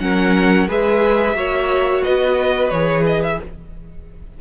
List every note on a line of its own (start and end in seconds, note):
0.00 0.68 F#3
0.00 0.68 C#4
0.00 0.68 A#4
0.00 0.69 F#5
0.68 1.34 G#3
0.68 1.35 G#4
0.68 1.37 B4
0.68 2.03 E5
1.34 2.02 A#3
1.34 2.72 F#4
1.34 2.04 C#5
2.03 2.71 B3
2.03 3.41 B4
2.03 2.70 D#5
2.70 3.39 E3
2.70 3.41 G#4
2.70 3.04 C#5
3.06 3.23 D#5
3.23 3.40 E5